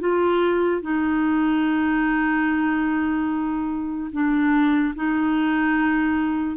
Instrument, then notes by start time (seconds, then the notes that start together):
clarinet
0.00 F4
0.82 D#4
4.12 D4
4.96 D#4